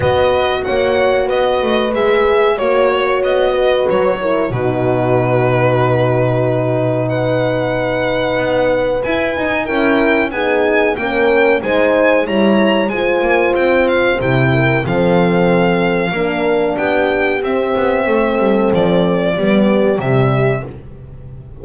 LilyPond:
<<
  \new Staff \with { instrumentName = "violin" } { \time 4/4 \tempo 4 = 93 dis''4 fis''4 dis''4 e''4 | cis''4 dis''4 cis''4 b'4~ | b'2. fis''4~ | fis''2 gis''4 g''4 |
gis''4 g''4 gis''4 ais''4 | gis''4 g''8 f''8 g''4 f''4~ | f''2 g''4 e''4~ | e''4 d''2 e''4 | }
  \new Staff \with { instrumentName = "horn" } { \time 4/4 b'4 cis''4 b'2 | cis''4. b'4 ais'8 fis'4~ | fis'2. b'4~ | b'2. ais'4 |
gis'4 ais'4 c''4 cis''4 | c''2~ c''8 ais'8 a'4~ | a'4 ais'4 g'2 | a'2 g'2 | }
  \new Staff \with { instrumentName = "horn" } { \time 4/4 fis'2. gis'4 | fis'2~ fis'8 e'8 dis'4~ | dis'1~ | dis'2 e'8 dis'8 e'4 |
dis'4 cis'4 dis'4 e'4 | f'2 e'4 c'4~ | c'4 d'2 c'4~ | c'2 b4 g4 | }
  \new Staff \with { instrumentName = "double bass" } { \time 4/4 b4 ais4 b8 a8 gis4 | ais4 b4 fis4 b,4~ | b,1~ | b,4 b4 e'8 dis'8 cis'4 |
b4 ais4 gis4 g4 | gis8 ais8 c'4 c4 f4~ | f4 ais4 b4 c'8 b8 | a8 g8 f4 g4 c4 | }
>>